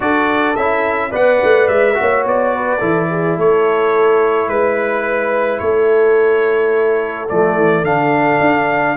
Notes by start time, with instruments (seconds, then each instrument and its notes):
0.00 tuba D4, trombone F#4, horn A4, trumpet D5
0.55 tuba C#4, trombone E4, trumpet E5
1.10 tuba B3, trombone B4, horn D5, trumpet F#5
1.43 tuba A3
1.68 tuba G#3, trumpet E5
1.94 trombone F#4, horn C#5
2.00 tuba A#3
2.24 tuba B3, trumpet D5
2.55 horn B4
2.78 tuba E3, trombone E4, horn A4
3.10 horn G#4
3.36 tuba A3, horn A4, trumpet C#5
4.48 tuba G#3, horn B4, trumpet B4
5.59 tuba A3, horn A4, trumpet C#5
7.29 tuba F3, trombone A3, trumpet D5
7.56 tuba E3
7.83 tuba D3, trombone D4, trumpet F5
8.40 tuba D4